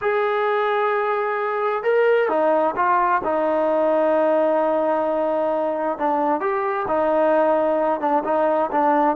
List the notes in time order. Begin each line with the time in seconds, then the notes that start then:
0.01 G#4
1.83 A#4
2.28 D#4
2.75 F4
3.24 D#4
5.98 D4
6.40 G4
6.88 D#4
8.00 D4
8.24 D#4
8.71 D4